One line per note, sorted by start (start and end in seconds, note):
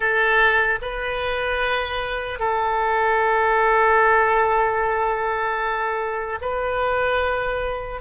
0.00 0.79 A4
0.81 2.39 B4
2.39 6.39 A4
6.41 8.01 B4